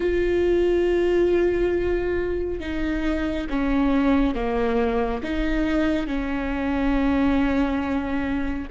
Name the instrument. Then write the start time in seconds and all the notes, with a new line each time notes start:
viola
0.00 F4
2.59 D#4
3.49 C#4
4.34 A#3
5.23 D#4
6.06 C#4